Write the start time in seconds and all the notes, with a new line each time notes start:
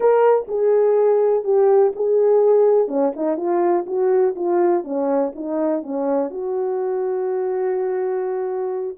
0.00 A#4
0.48 G#4
1.43 G4
1.95 G#4
2.87 C#4
3.15 D#4
3.37 F4
3.86 F#4
4.35 F4
4.84 C#4
5.35 D#4
5.82 C#4
6.30 F#4